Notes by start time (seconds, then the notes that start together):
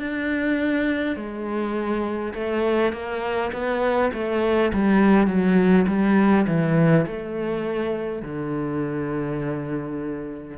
0.00 D4
1.17 G#3
2.35 A3
2.93 A#3
3.53 B3
4.14 A3
4.73 G3
5.27 F#3
5.88 G3
6.47 E3
7.07 A3
8.22 D3